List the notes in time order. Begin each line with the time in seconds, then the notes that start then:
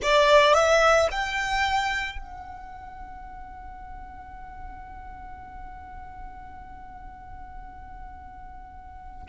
0.02 D5
0.54 E5
1.11 G5
2.18 F#5